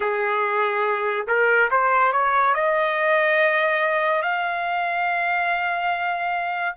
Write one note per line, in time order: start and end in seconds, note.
0.00 1.26 G#4
1.27 1.69 A#4
1.71 2.12 C5
2.12 2.54 C#5
2.54 4.21 D#5
4.21 6.75 F5